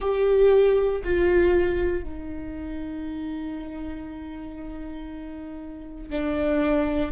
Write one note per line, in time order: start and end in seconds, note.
0.00 1.02 G4
1.04 2.03 F4
2.03 6.10 D#4
6.10 7.11 D4